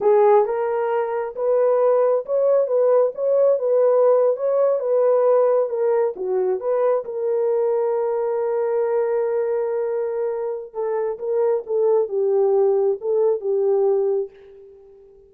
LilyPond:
\new Staff \with { instrumentName = "horn" } { \time 4/4 \tempo 4 = 134 gis'4 ais'2 b'4~ | b'4 cis''4 b'4 cis''4 | b'4.~ b'16 cis''4 b'4~ b'16~ | b'8. ais'4 fis'4 b'4 ais'16~ |
ais'1~ | ais'1 | a'4 ais'4 a'4 g'4~ | g'4 a'4 g'2 | }